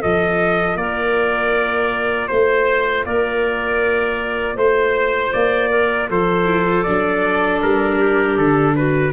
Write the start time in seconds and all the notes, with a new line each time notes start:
0.00 F3 F4 A4 D#5
0.76 A#3 A#4 D5
2.28 A3 C5
3.05 A#3 A#4 D5
4.55 A3 C5
5.33 A#3 D5
5.70 A#4
6.09 F3 A4 C5
6.46 E4
6.66 F4
6.83 F#3 D4 D5
7.62 G3 A#4
7.98 G4
8.37 D3 A4
8.76 F#4 B4